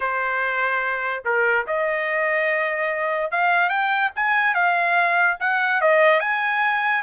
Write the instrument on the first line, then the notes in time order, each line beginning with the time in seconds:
trumpet
0.00 C5
1.25 A#4
1.66 D#5
3.31 F5
3.69 G5
4.15 G#5
4.54 F5
5.40 F#5
5.81 D#5
6.20 G#5